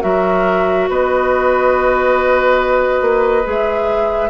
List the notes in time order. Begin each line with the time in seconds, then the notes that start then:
0.00 F#3 F#4 A#4 E5
0.89 B3 B4 D#5
3.01 A#3
3.43 G#3 G#4
3.49 E5